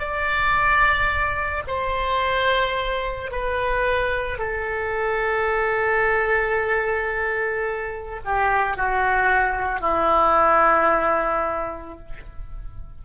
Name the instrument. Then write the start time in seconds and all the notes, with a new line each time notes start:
oboe
0.00 D5
1.68 C5
3.31 B4
4.38 A4
8.25 G4
8.77 F#4
9.80 E4